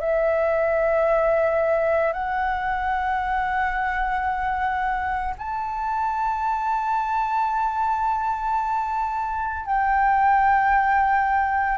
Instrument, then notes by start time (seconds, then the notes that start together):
flute
0.00 E5
2.12 F#5
5.38 A5
9.65 G5